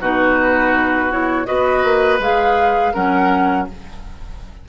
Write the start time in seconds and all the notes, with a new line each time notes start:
0.00 B2 D#4 F#4 B4
1.11 E4 C#5
1.45 B3 F#4 B4 D#5
1.84 A#3
2.19 G#3 G#4 F5
2.93 F#3 C#4 A#4 F#5